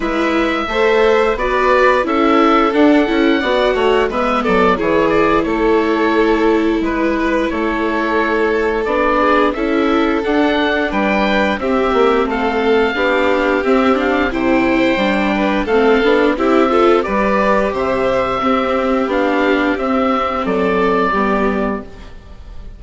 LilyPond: <<
  \new Staff \with { instrumentName = "oboe" } { \time 4/4 \tempo 4 = 88 e''2 d''4 e''4 | fis''2 e''8 d''8 cis''8 d''8 | cis''2 b'4 cis''4~ | cis''4 d''4 e''4 fis''4 |
g''4 e''4 f''2 | e''8 f''8 g''2 f''4 | e''4 d''4 e''2 | f''4 e''4 d''2 | }
  \new Staff \with { instrumentName = "violin" } { \time 4/4 b'4 c''4 b'4 a'4~ | a'4 d''8 cis''8 b'8 a'8 gis'4 | a'2 b'4 a'4~ | a'4. gis'8 a'2 |
b'4 g'4 a'4 g'4~ | g'4 c''4. b'8 a'4 | g'8 a'8 b'4 c''4 g'4~ | g'2 a'4 g'4 | }
  \new Staff \with { instrumentName = "viola" } { \time 4/4 e'4 a'4 fis'4 e'4 | d'8 e'8 fis'4 b4 e'4~ | e'1~ | e'4 d'4 e'4 d'4~ |
d'4 c'2 d'4 | c'8 d'8 e'4 d'4 c'8 d'8 | e'8 f'8 g'2 c'4 | d'4 c'2 b4 | }
  \new Staff \with { instrumentName = "bassoon" } { \time 4/4 gis4 a4 b4 cis'4 | d'8 cis'8 b8 a8 gis8 fis8 e4 | a2 gis4 a4~ | a4 b4 cis'4 d'4 |
g4 c'8 ais8 a4 b4 | c'4 c4 g4 a8 b8 | c'4 g4 c4 c'4 | b4 c'4 fis4 g4 | }
>>